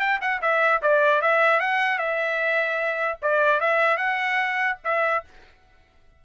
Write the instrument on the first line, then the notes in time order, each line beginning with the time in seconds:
trumpet
0.00 G5
0.22 F#5
0.42 E5
0.83 D5
1.22 E5
1.60 F#5
1.99 E5
3.22 D5
3.61 E5
3.98 F#5
4.85 E5